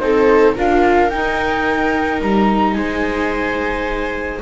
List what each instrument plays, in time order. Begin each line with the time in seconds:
0.00 double bass C4, viola D#4 A4, flute C5
0.55 double bass D4, viola F4 A#4, flute F5
1.10 viola D#4, double bass D#4, flute G5
2.21 double bass G3, flute A#5
2.74 double bass G#3, viola C5, flute G#5